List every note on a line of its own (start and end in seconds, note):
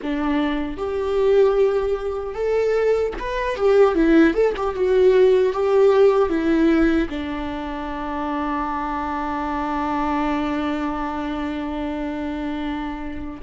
0.02 0.77 D4
0.77 2.34 G4
2.34 3.13 A4
3.19 3.55 B4
3.55 3.95 G4
3.95 4.33 E4
4.33 4.53 A4
4.56 4.74 G4
4.74 5.53 F#4
5.53 6.29 G4
6.29 7.08 E4
7.09 13.41 D4